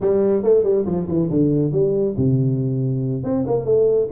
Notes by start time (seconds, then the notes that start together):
0.01 G3
0.42 A3
0.63 G3
0.85 F3
1.07 E3
1.29 D3
1.72 G3
2.17 C3
3.23 C4
3.46 A#3
3.65 A3